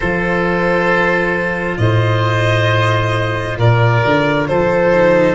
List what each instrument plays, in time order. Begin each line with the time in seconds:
0.00 tuba F3, cello F4, oboe A4, violin C5
1.77 tuba A2, oboe C5, violin D#5
3.57 tuba A#2, oboe A#4, violin D5
4.04 tuba D3
4.47 tuba F3, oboe A4, violin C5
4.93 cello D#4